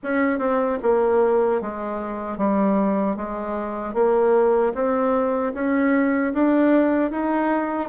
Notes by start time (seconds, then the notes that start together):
0.03 C#4
0.38 C4
0.82 A#3
1.61 G#3
2.37 G3
3.16 G#3
3.94 A#3
4.74 C4
5.54 C#4
6.33 D4
7.11 D#4